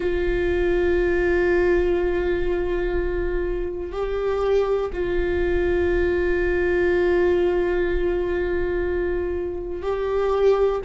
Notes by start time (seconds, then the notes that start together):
0.00 F4
3.92 G4
4.92 F4
9.82 G4